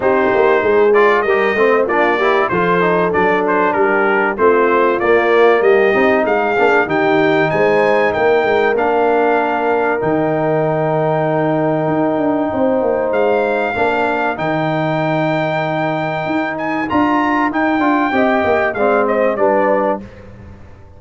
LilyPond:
<<
  \new Staff \with { instrumentName = "trumpet" } { \time 4/4 \tempo 4 = 96 c''4. d''8 dis''4 d''4 | c''4 d''8 c''8 ais'4 c''4 | d''4 dis''4 f''4 g''4 | gis''4 g''4 f''2 |
g''1~ | g''4 f''2 g''4~ | g''2~ g''8 gis''8 ais''4 | g''2 f''8 dis''8 d''4 | }
  \new Staff \with { instrumentName = "horn" } { \time 4/4 g'4 gis'4 ais'8 c''8 f'8 g'8 | a'2 g'4 f'4~ | f'4 g'4 gis'4 g'4 | c''4 ais'2.~ |
ais'1 | c''2 ais'2~ | ais'1~ | ais'4 dis''4 d''8 c''8 b'4 | }
  \new Staff \with { instrumentName = "trombone" } { \time 4/4 dis'4. f'8 g'8 c'8 d'8 e'8 | f'8 dis'8 d'2 c'4 | ais4. dis'4 d'8 dis'4~ | dis'2 d'2 |
dis'1~ | dis'2 d'4 dis'4~ | dis'2. f'4 | dis'8 f'8 g'4 c'4 d'4 | }
  \new Staff \with { instrumentName = "tuba" } { \time 4/4 c'8 ais8 gis4 g8 a8 ais4 | f4 fis4 g4 a4 | ais4 g8 c'8 gis8 ais8 dis4 | gis4 ais8 gis8 ais2 |
dis2. dis'8 d'8 | c'8 ais8 gis4 ais4 dis4~ | dis2 dis'4 d'4 | dis'8 d'8 c'8 ais8 gis4 g4 | }
>>